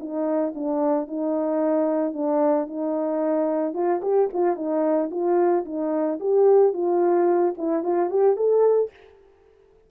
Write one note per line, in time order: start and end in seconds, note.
0.00 0.54 D#4
0.55 1.07 D4
1.07 2.14 D#4
2.14 2.67 D4
2.67 3.74 D#4
3.74 4.01 F4
4.02 4.29 G4
4.34 4.56 F4
4.56 5.10 D#4
5.11 5.65 F4
5.65 6.19 D#4
6.20 6.73 G4
6.73 7.55 F4
7.58 7.84 E4
7.84 8.10 F4
8.10 8.37 G4
8.37 8.91 A4